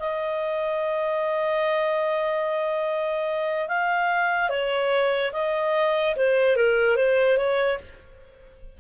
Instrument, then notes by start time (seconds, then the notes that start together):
clarinet
0.00 D#5
3.69 F5
4.50 C#5
5.33 D#5
6.16 C5
6.57 A#4
6.97 C5
7.38 C#5